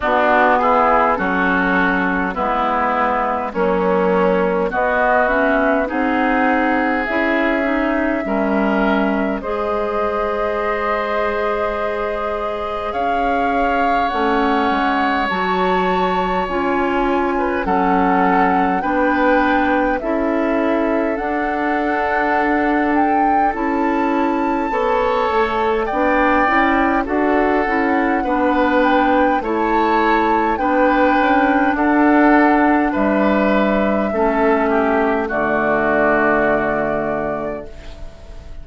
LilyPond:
<<
  \new Staff \with { instrumentName = "flute" } { \time 4/4 \tempo 4 = 51 fis'8 gis'8 a'4 b'4 cis''4 | dis''8 e''8 fis''4 e''2 | dis''2. f''4 | fis''4 a''4 gis''4 fis''4 |
g''4 e''4 fis''4. g''8 | a''2 g''4 fis''4~ | fis''8 g''8 a''4 g''4 fis''4 | e''2 d''2 | }
  \new Staff \with { instrumentName = "oboe" } { \time 4/4 d'8 e'8 fis'4 e'4 cis'4 | fis'4 gis'2 ais'4 | c''2. cis''4~ | cis''2~ cis''8. b'16 a'4 |
b'4 a'2.~ | a'4 cis''4 d''4 a'4 | b'4 cis''4 b'4 a'4 | b'4 a'8 g'8 fis'2 | }
  \new Staff \with { instrumentName = "clarinet" } { \time 4/4 b4 cis'4 b4 fis4 | b8 cis'8 dis'4 e'8 dis'8 cis'4 | gis'1 | cis'4 fis'4 f'4 cis'4 |
d'4 e'4 d'2 | e'4 a'4 d'8 e'8 fis'8 e'8 | d'4 e'4 d'2~ | d'4 cis'4 a2 | }
  \new Staff \with { instrumentName = "bassoon" } { \time 4/4 b4 fis4 gis4 ais4 | b4 c'4 cis'4 g4 | gis2. cis'4 | a8 gis8 fis4 cis'4 fis4 |
b4 cis'4 d'2 | cis'4 b8 a8 b8 cis'8 d'8 cis'8 | b4 a4 b8 cis'8 d'4 | g4 a4 d2 | }
>>